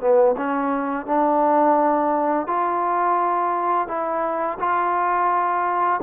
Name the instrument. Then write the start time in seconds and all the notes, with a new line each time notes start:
trombone
0.00 B3
0.37 C#4
1.06 D4
2.47 F4
3.88 E4
4.59 F4